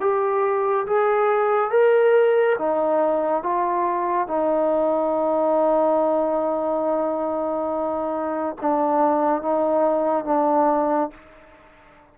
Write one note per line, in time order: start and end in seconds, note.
0.00 0.86 G4
0.86 1.70 G#4
1.70 2.56 A#4
2.58 3.42 D#4
3.42 4.27 F4
4.27 8.56 D#4
8.61 9.42 D4
9.42 10.25 D#4
10.25 11.10 D4